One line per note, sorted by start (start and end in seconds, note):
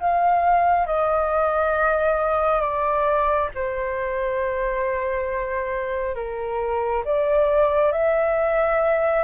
0.00 0.87 F5
0.87 2.61 D#5
2.61 3.50 D5
3.55 6.16 C5
6.16 7.04 A#4
7.05 7.93 D5
7.93 9.24 E5